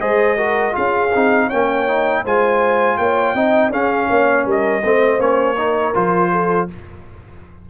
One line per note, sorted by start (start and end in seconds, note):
0.00 0.75 G#3
0.00 0.37 G#4
0.00 0.37 C5
0.00 0.75 D#5
0.37 0.72 F#4
0.37 0.74 A#4
0.72 1.14 C#4
0.72 1.09 F4
0.72 1.46 G#4
0.72 1.50 F5
1.14 1.51 C4
1.14 1.51 D#4
1.46 1.88 C#4
1.46 2.20 C#5
1.46 2.24 G5
1.53 2.25 A#3
1.88 2.25 D#4
2.24 2.98 G#3
2.24 3.36 F4
2.24 2.98 C5
2.24 2.97 G#5
2.97 3.34 A#3
2.97 3.35 C#5
2.97 3.71 G5
3.34 3.70 C4
3.34 3.71 D#4
3.34 3.71 D#5
3.70 4.07 C#4
3.70 4.83 C#4
3.70 4.08 G#4
3.70 4.47 F5
4.10 4.46 A#3
4.10 4.46 C#5
4.46 4.83 G3
4.46 4.83 A#4
4.46 5.20 D#5
4.83 5.19 A3
4.83 5.18 C4
4.83 5.57 C5
5.18 5.94 A#3
5.18 5.55 C#4
5.18 5.94 C#5
5.57 5.94 D#4
5.57 6.31 A#4
5.94 6.70 F3
5.94 6.68 F4
5.94 6.69 C5
6.32 6.69 A4